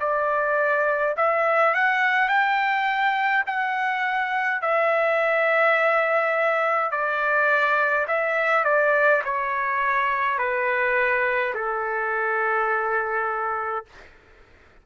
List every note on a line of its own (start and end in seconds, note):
0.00 1.15 D5
1.17 1.74 E5
1.74 2.28 F#5
2.28 3.44 G5
3.46 4.62 F#5
4.62 6.91 E5
6.91 8.07 D5
8.08 8.64 E5
8.64 9.22 D5
9.24 10.38 C#5
10.38 11.54 B4
11.54 13.85 A4